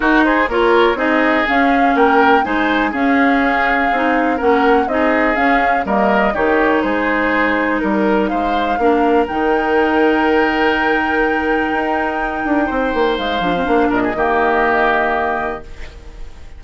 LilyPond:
<<
  \new Staff \with { instrumentName = "flute" } { \time 4/4 \tempo 4 = 123 ais'8 c''8 cis''4 dis''4 f''4 | g''4 gis''4 f''2~ | f''4 fis''4 dis''4 f''4 | dis''4 cis''4 c''2 |
ais'4 f''2 g''4~ | g''1~ | g''2. f''4~ | f''8 dis''2.~ dis''8 | }
  \new Staff \with { instrumentName = "oboe" } { \time 4/4 fis'8 gis'8 ais'4 gis'2 | ais'4 c''4 gis'2~ | gis'4 ais'4 gis'2 | ais'4 g'4 gis'2 |
ais'4 c''4 ais'2~ | ais'1~ | ais'2 c''2~ | c''8 ais'16 gis'16 g'2. | }
  \new Staff \with { instrumentName = "clarinet" } { \time 4/4 dis'4 f'4 dis'4 cis'4~ | cis'4 dis'4 cis'2 | dis'4 cis'4 dis'4 cis'4 | ais4 dis'2.~ |
dis'2 d'4 dis'4~ | dis'1~ | dis'2.~ dis'8 d'16 c'16 | d'4 ais2. | }
  \new Staff \with { instrumentName = "bassoon" } { \time 4/4 dis'4 ais4 c'4 cis'4 | ais4 gis4 cis'2 | c'4 ais4 c'4 cis'4 | g4 dis4 gis2 |
g4 gis4 ais4 dis4~ | dis1 | dis'4. d'8 c'8 ais8 gis8 f8 | ais8 ais,8 dis2. | }
>>